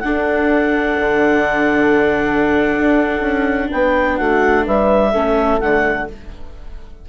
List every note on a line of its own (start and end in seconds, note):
0.00 0.98 D4
0.00 5.13 D4
0.00 3.70 A4
0.00 3.69 F#5
1.00 2.77 D3
2.77 3.21 D4
3.21 3.68 C#4
3.70 4.19 B3
3.70 4.18 B4
3.70 4.17 G5
4.17 4.67 A3
4.17 4.66 F#4
4.17 4.65 F#5
4.66 5.14 G3
4.66 5.12 B4
4.66 5.60 E5
5.12 5.61 A3
5.12 5.61 C#4
5.12 6.07 A4
5.60 6.08 D3
5.60 6.09 A3
5.60 6.08 F#5